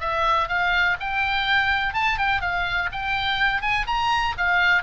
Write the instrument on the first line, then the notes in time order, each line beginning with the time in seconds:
oboe
0.00 E5
0.48 F5
1.00 G5
1.94 A5
2.18 G5
2.41 F5
2.92 G5
3.62 G#5
3.86 A#5
4.37 F5